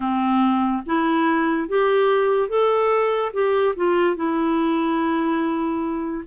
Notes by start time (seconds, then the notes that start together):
0.00 C4
0.86 E4
1.68 G4
2.48 A4
3.33 G4
3.75 F4
4.16 E4